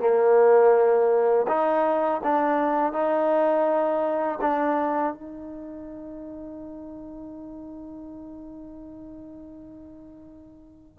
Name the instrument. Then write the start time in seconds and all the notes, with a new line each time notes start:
trombone
0.00 A#3
1.48 D#4
2.24 D4
2.93 D#4
4.41 D4
5.14 D#4